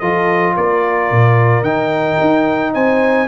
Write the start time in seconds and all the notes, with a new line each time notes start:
0.00 F3 F4 A4 D#5
0.56 A#3 A#4 D5
1.11 A#2
1.62 D#3 D#4 G5
2.21 D#4
2.74 C4 C5 G#5